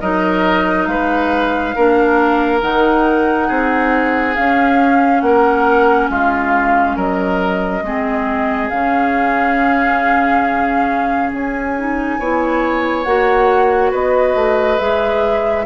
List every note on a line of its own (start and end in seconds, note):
0.00 0.87 F#3
0.00 1.75 D#4
0.00 0.88 A#4
0.00 0.86 D#5
0.86 1.74 G#3
0.86 1.76 B4
0.86 2.60 F5
1.76 2.62 A#3
1.76 2.61 D4
1.76 3.48 A#4
2.61 3.49 D#3
2.61 4.35 D#4
2.61 4.35 F#5
3.48 4.36 C4
3.48 5.22 G#4
4.35 7.83 C#4
4.35 5.22 C#4
4.35 5.21 F5
5.21 6.09 A#3
5.21 6.11 A#4
5.21 6.08 F#5
6.10 6.97 G#3
6.10 6.96 F4
6.10 6.98 F5
6.96 7.82 F#3
6.96 7.83 A#4
6.96 8.69 D#5
7.82 8.69 G#3
7.82 8.71 C4
7.82 12.19 G#4
8.69 11.32 C#3
8.69 11.76 C#4
8.69 11.30 F5
11.32 12.19 C#4
11.32 13.04 G#5
11.76 12.20 D#4
12.19 13.06 B3
12.19 13.06 E4
12.19 13.91 C#5
13.04 13.92 A#3
13.04 14.79 F#4
13.04 13.91 F#5
13.91 14.35 B3
13.91 15.65 B4
13.91 14.79 D#5
14.35 14.78 A3
14.79 15.66 G#3
14.79 15.66 G#4
14.79 15.66 E5